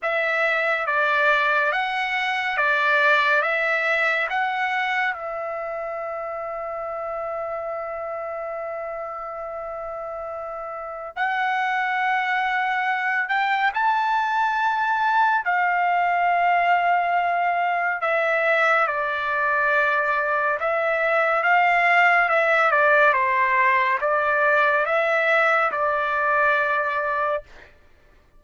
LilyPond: \new Staff \with { instrumentName = "trumpet" } { \time 4/4 \tempo 4 = 70 e''4 d''4 fis''4 d''4 | e''4 fis''4 e''2~ | e''1~ | e''4 fis''2~ fis''8 g''8 |
a''2 f''2~ | f''4 e''4 d''2 | e''4 f''4 e''8 d''8 c''4 | d''4 e''4 d''2 | }